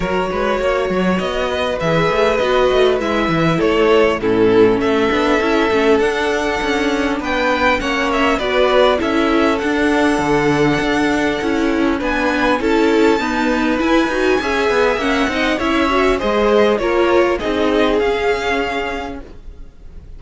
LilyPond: <<
  \new Staff \with { instrumentName = "violin" } { \time 4/4 \tempo 4 = 100 cis''2 dis''4 e''4 | dis''4 e''4 cis''4 a'4 | e''2 fis''2 | g''4 fis''8 e''8 d''4 e''4 |
fis''1 | gis''4 a''2 gis''4~ | gis''4 fis''4 e''4 dis''4 | cis''4 dis''4 f''2 | }
  \new Staff \with { instrumentName = "violin" } { \time 4/4 ais'8 b'8 cis''4. b'4.~ | b'2 a'4 e'4 | a'1 | b'4 cis''4 b'4 a'4~ |
a'1 | b'4 a'4 b'2 | e''4. dis''8 cis''4 c''4 | ais'4 gis'2. | }
  \new Staff \with { instrumentName = "viola" } { \time 4/4 fis'2. gis'4 | fis'4 e'2 cis'4~ | cis'8 d'8 e'8 cis'8 d'2~ | d'4 cis'4 fis'4 e'4 |
d'2. e'4 | d'4 e'4 b4 e'8 fis'8 | gis'4 cis'8 dis'8 e'8 fis'8 gis'4 | f'4 dis'4 cis'2 | }
  \new Staff \with { instrumentName = "cello" } { \time 4/4 fis8 gis8 ais8 fis8 b4 e8 a8 | b8 a8 gis8 e8 a4 a,4 | a8 b8 cis'8 a8 d'4 cis'4 | b4 ais4 b4 cis'4 |
d'4 d4 d'4 cis'4 | b4 cis'4 dis'4 e'8 dis'8 | cis'8 b8 ais8 c'8 cis'4 gis4 | ais4 c'4 cis'2 | }
>>